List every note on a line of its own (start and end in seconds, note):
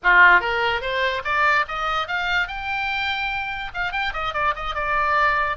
0.03 0.40 F4
0.40 0.81 A#4
0.81 1.22 C5
1.24 1.65 D5
1.68 2.07 D#5
2.07 2.47 F5
2.47 3.71 G5
3.74 3.92 F5
3.92 4.12 G5
4.13 4.33 D#5
4.33 4.54 D5
4.55 4.75 D#5
4.75 5.56 D5